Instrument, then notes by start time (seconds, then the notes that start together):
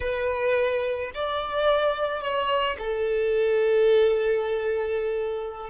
violin
0.00 B4
1.14 D5
2.21 C#5
2.78 A4